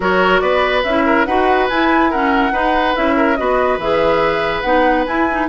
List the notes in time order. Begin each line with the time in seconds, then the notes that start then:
0.00 F#3 F#4 A#4 C#5
0.39 B3 B4 D5
0.83 C#4 E4 E5
1.05 A#4
1.25 D#4 F#4 B4 F#5
1.69 E4 G#5
2.10 C#4 A#4 F#5
2.52 D#4 B4
2.95 C#4 E4 E5
3.16 A#4
3.36 B3 F#4 B4 D#5
3.78 E3 G#4 E5
4.61 B3 D#4 F#5
5.06 E4 G#5
5.31 D#4